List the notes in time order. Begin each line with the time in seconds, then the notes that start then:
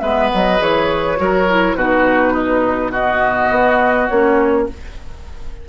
0.00 G#3 B3 B4 E5
0.34 F#3 D#5
0.58 E3 G#4 C#5
1.16 F#3 F#4 A#4
1.49 E4
1.75 B2 D#4 F#4 B4
2.33 D#4
2.92 B3 F#4 D#5
3.50 B3
4.08 A#3 C#4 C#5